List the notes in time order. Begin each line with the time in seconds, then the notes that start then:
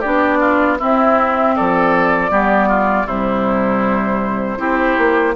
0.00 B3 D4 G4 D5
0.40 F4
0.79 C4 E4 E5
1.56 F3 A4 D5
2.30 G3 B3 G4
2.69 F4
3.06 C3 G3 E4 C5
4.58 C4 E4 G4
4.98 A#3